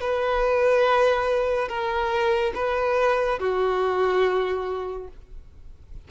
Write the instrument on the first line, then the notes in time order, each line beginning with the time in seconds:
violin
0.00 B4
1.68 A#4
2.55 B4
3.39 F#4